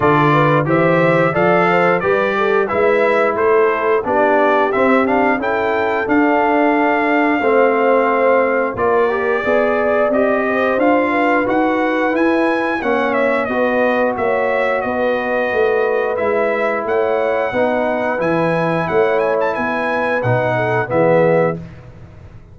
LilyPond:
<<
  \new Staff \with { instrumentName = "trumpet" } { \time 4/4 \tempo 4 = 89 d''4 e''4 f''4 d''4 | e''4 c''4 d''4 e''8 f''8 | g''4 f''2.~ | f''4 d''2 dis''4 |
f''4 fis''4 gis''4 fis''8 e''8 | dis''4 e''4 dis''2 | e''4 fis''2 gis''4 | fis''8 gis''16 a''16 gis''4 fis''4 e''4 | }
  \new Staff \with { instrumentName = "horn" } { \time 4/4 a'8 b'8 c''4 d''8 c''8 b'8 a'8 | b'4 a'4 g'2 | a'2. c''4~ | c''4 ais'4 d''4. c''8~ |
c''8 b'2~ b'8 cis''4 | b'4 cis''4 b'2~ | b'4 cis''4 b'2 | cis''4 b'4. a'8 gis'4 | }
  \new Staff \with { instrumentName = "trombone" } { \time 4/4 f'4 g'4 a'4 g'4 | e'2 d'4 c'8 d'8 | e'4 d'2 c'4~ | c'4 f'8 g'8 gis'4 g'4 |
f'4 fis'4 e'4 cis'4 | fis'1 | e'2 dis'4 e'4~ | e'2 dis'4 b4 | }
  \new Staff \with { instrumentName = "tuba" } { \time 4/4 d4 e4 f4 g4 | gis4 a4 b4 c'4 | cis'4 d'2 a4~ | a4 ais4 b4 c'4 |
d'4 dis'4 e'4 ais4 | b4 ais4 b4 a4 | gis4 a4 b4 e4 | a4 b4 b,4 e4 | }
>>